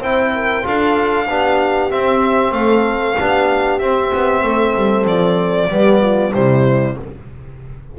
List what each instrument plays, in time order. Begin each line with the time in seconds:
0.00 double bass C4, trombone E4, horn C5, violin G5
0.35 horn A#4
0.63 double bass D4, trombone F4, horn A4, violin F5
1.29 double bass B3, trombone D4, horn G4
1.91 trombone C4, double bass C4, violin E5
2.52 double bass A3, horn A4, violin F5
3.17 double bass B3, trombone D4, horn G4
3.79 double bass C4, trombone C4, violin E5
4.14 double bass B3
4.43 double bass A3, horn A4
4.76 double bass G3
5.05 double bass F3, violin D5
5.70 double bass G3, trombone B3, horn G4
6.02 horn F4
6.34 double bass C3, trombone G3, horn E4, violin C5